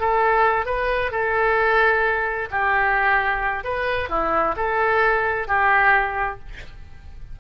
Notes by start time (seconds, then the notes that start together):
0.00 A4
0.66 B4
1.11 A4
2.51 G4
3.64 B4
4.09 E4
4.57 A4
5.48 G4